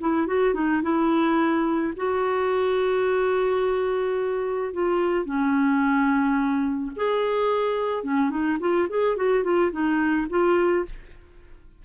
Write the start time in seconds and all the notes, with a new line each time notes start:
0.00 E4
0.27 F#4
0.54 D#4
0.82 E4
1.96 F#4
4.73 F4
5.25 C#4
6.96 G#4
8.03 C#4
8.30 D#4
8.60 F4
8.89 G#4
9.16 F#4
9.43 F4
9.71 D#4
10.29 F4